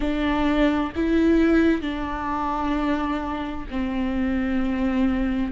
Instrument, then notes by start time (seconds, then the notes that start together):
viola
0.00 D4
0.95 E4
1.81 D4
3.70 C4